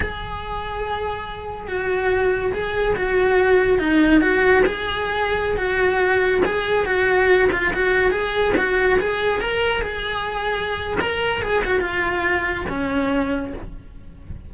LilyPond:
\new Staff \with { instrumentName = "cello" } { \time 4/4 \tempo 4 = 142 gis'1 | fis'2 gis'4 fis'4~ | fis'4 dis'4 fis'4 gis'4~ | gis'4~ gis'16 fis'2 gis'8.~ |
gis'16 fis'4. f'8 fis'4 gis'8.~ | gis'16 fis'4 gis'4 ais'4 gis'8.~ | gis'2 ais'4 gis'8 fis'8 | f'2 cis'2 | }